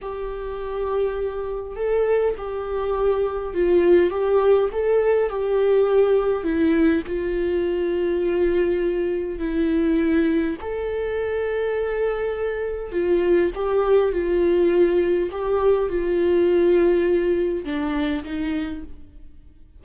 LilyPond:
\new Staff \with { instrumentName = "viola" } { \time 4/4 \tempo 4 = 102 g'2. a'4 | g'2 f'4 g'4 | a'4 g'2 e'4 | f'1 |
e'2 a'2~ | a'2 f'4 g'4 | f'2 g'4 f'4~ | f'2 d'4 dis'4 | }